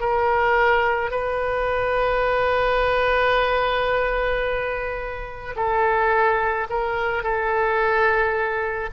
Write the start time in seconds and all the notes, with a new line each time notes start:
0.00 A#4
1.11 B4
5.56 A4
6.70 A#4
7.23 A4